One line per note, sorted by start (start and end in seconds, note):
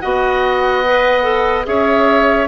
0.00 1.66 B3
0.00 0.84 F#4
0.00 1.66 D#5
0.00 1.64 F#5
0.85 1.23 B4
1.23 1.64 A4
1.64 2.47 C#4
1.64 2.47 G#4
1.64 2.47 C#5
1.64 2.47 E5